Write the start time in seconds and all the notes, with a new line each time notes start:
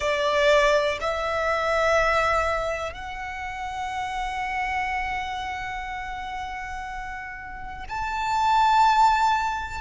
0.00 D5
1.01 E5
2.92 F#5
7.88 A5